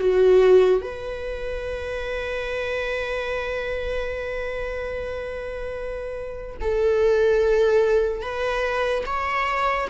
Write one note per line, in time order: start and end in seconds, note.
0.00 0.82 F#4
0.82 6.58 B4
6.62 8.22 A4
8.22 9.04 B4
9.06 9.89 C#5